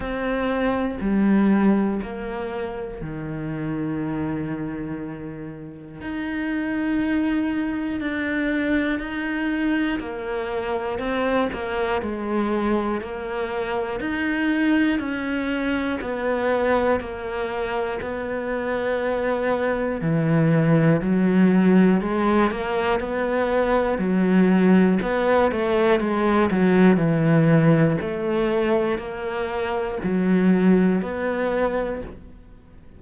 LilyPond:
\new Staff \with { instrumentName = "cello" } { \time 4/4 \tempo 4 = 60 c'4 g4 ais4 dis4~ | dis2 dis'2 | d'4 dis'4 ais4 c'8 ais8 | gis4 ais4 dis'4 cis'4 |
b4 ais4 b2 | e4 fis4 gis8 ais8 b4 | fis4 b8 a8 gis8 fis8 e4 | a4 ais4 fis4 b4 | }